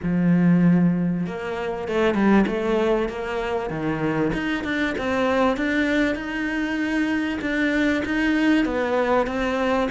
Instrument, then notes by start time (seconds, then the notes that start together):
cello
0.03 F3
1.26 A#3
1.88 A3
2.14 G3
2.47 A3
3.08 A#3
3.70 D#3
4.33 D#4
4.64 D4
4.98 C4
5.57 D4
6.15 D#4
7.41 D4
8.05 D#4
8.65 B3
9.26 C4